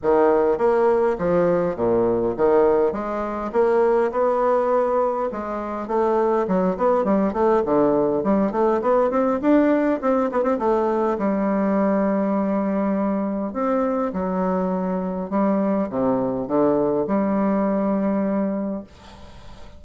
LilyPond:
\new Staff \with { instrumentName = "bassoon" } { \time 4/4 \tempo 4 = 102 dis4 ais4 f4 ais,4 | dis4 gis4 ais4 b4~ | b4 gis4 a4 fis8 b8 | g8 a8 d4 g8 a8 b8 c'8 |
d'4 c'8 b16 c'16 a4 g4~ | g2. c'4 | fis2 g4 c4 | d4 g2. | }